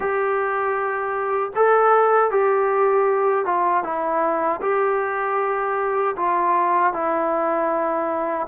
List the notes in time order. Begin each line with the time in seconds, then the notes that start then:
0.00 G4
1.55 A4
2.30 G4
3.45 F4
3.83 E4
4.62 G4
6.16 F4
6.93 E4